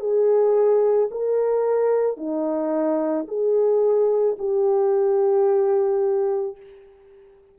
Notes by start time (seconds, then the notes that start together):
0.00 G#4
1.11 A#4
2.17 D#4
3.28 G#4
4.39 G4